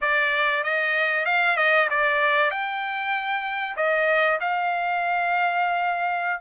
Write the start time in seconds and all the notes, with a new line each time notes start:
0.01 D5
0.63 D#5
1.25 F5
1.56 D#5
1.89 D5
2.50 G5
3.76 D#5
4.40 F5